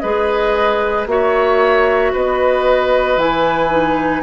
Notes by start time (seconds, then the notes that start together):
0.00 G#3 G#4 B4 D#5
1.06 A#3 F#4 C#5 E5
2.12 B3 B4 D#5
3.17 E3 E4 G#5
3.70 D#4